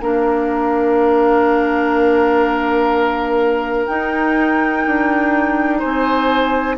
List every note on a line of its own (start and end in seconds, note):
0.00 3.87 A#3
0.00 3.88 D4
0.00 5.79 A#4
0.00 3.86 F5
3.86 6.78 D#4
3.86 4.85 D#4
3.86 5.79 G5
4.86 5.82 D4
5.79 6.78 C4
5.79 6.75 C5
5.79 6.77 G#5